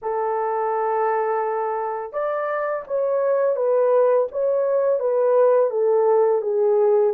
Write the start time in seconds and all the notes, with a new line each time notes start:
0.02 A4
2.12 D5
2.87 C#5
3.56 B4
4.31 C#5
4.99 B4
5.70 A4
6.41 G#4